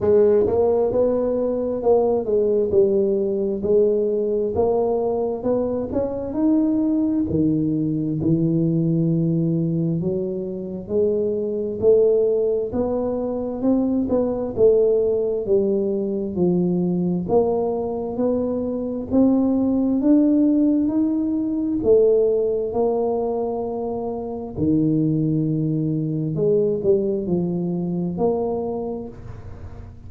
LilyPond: \new Staff \with { instrumentName = "tuba" } { \time 4/4 \tempo 4 = 66 gis8 ais8 b4 ais8 gis8 g4 | gis4 ais4 b8 cis'8 dis'4 | dis4 e2 fis4 | gis4 a4 b4 c'8 b8 |
a4 g4 f4 ais4 | b4 c'4 d'4 dis'4 | a4 ais2 dis4~ | dis4 gis8 g8 f4 ais4 | }